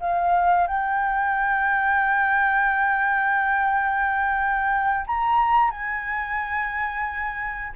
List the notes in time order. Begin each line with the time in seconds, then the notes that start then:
0.00 F5
0.67 G5
5.07 A#5
5.71 G#5